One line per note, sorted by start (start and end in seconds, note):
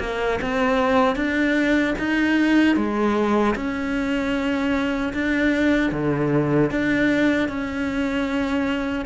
0.00 0.39 A#3
0.42 1.16 C4
1.16 1.95 D4
1.99 2.76 D#4
2.76 3.55 G#3
3.56 5.14 C#4
5.14 5.92 D4
5.92 6.71 D3
6.71 7.49 D4
7.49 9.06 C#4